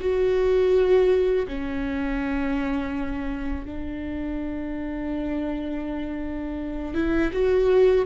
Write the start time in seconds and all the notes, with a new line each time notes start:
0.00 F#4
1.48 C#4
3.65 D4
6.95 E4
7.33 F#4